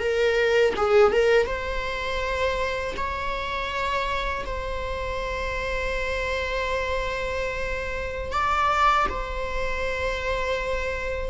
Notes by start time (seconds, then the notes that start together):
0.00 A#4
0.77 G#4
1.13 A#4
1.47 C5
2.97 C#5
4.46 C5
8.33 D5
9.10 C5